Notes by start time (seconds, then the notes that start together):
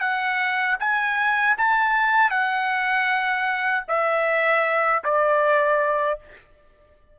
0.00 F#5
0.79 G#5
1.58 A5
2.30 F#5
3.88 E5
5.04 D5